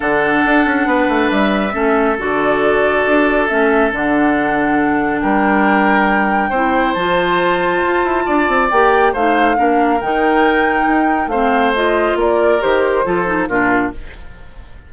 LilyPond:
<<
  \new Staff \with { instrumentName = "flute" } { \time 4/4 \tempo 4 = 138 fis''2. e''4~ | e''4 d''2. | e''4 fis''2. | g''1 |
a''1 | g''4 f''2 g''4~ | g''2 f''4 dis''4 | d''4 c''2 ais'4 | }
  \new Staff \with { instrumentName = "oboe" } { \time 4/4 a'2 b'2 | a'1~ | a'1 | ais'2. c''4~ |
c''2. d''4~ | d''4 c''4 ais'2~ | ais'2 c''2 | ais'2 a'4 f'4 | }
  \new Staff \with { instrumentName = "clarinet" } { \time 4/4 d'1 | cis'4 fis'2. | cis'4 d'2.~ | d'2. e'4 |
f'1 | g'4 dis'4 d'4 dis'4~ | dis'2 c'4 f'4~ | f'4 g'4 f'8 dis'8 d'4 | }
  \new Staff \with { instrumentName = "bassoon" } { \time 4/4 d4 d'8 cis'8 b8 a8 g4 | a4 d2 d'4 | a4 d2. | g2. c'4 |
f2 f'8 e'8 d'8 c'8 | ais4 a4 ais4 dis4~ | dis4 dis'4 a2 | ais4 dis4 f4 ais,4 | }
>>